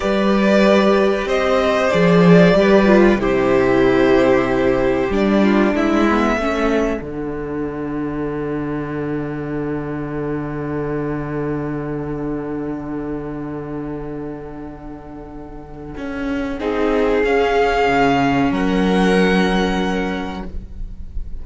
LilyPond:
<<
  \new Staff \with { instrumentName = "violin" } { \time 4/4 \tempo 4 = 94 d''2 dis''4 d''4~ | d''4 c''2. | d''4 e''2 fis''4~ | fis''1~ |
fis''1~ | fis''1~ | fis''2. f''4~ | f''4 fis''2. | }
  \new Staff \with { instrumentName = "violin" } { \time 4/4 b'2 c''2 | b'4 g'2.~ | g'8 f'8 e'4 a'2~ | a'1~ |
a'1~ | a'1~ | a'2 gis'2~ | gis'4 ais'2. | }
  \new Staff \with { instrumentName = "viola" } { \time 4/4 g'2. gis'4 | g'8 f'8 e'2. | d'4. b8 cis'4 d'4~ | d'1~ |
d'1~ | d'1~ | d'2 dis'4 cis'4~ | cis'1 | }
  \new Staff \with { instrumentName = "cello" } { \time 4/4 g2 c'4 f4 | g4 c2. | g4 gis4 a4 d4~ | d1~ |
d1~ | d1~ | d4 cis'4 c'4 cis'4 | cis4 fis2. | }
>>